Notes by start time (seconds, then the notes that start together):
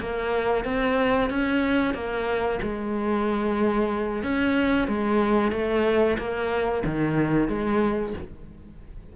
0.00 A#3
0.64 C4
1.29 C#4
1.94 A#3
2.62 G#3
4.23 C#4
4.88 G#3
5.52 A3
6.18 A#3
6.85 D#3
7.48 G#3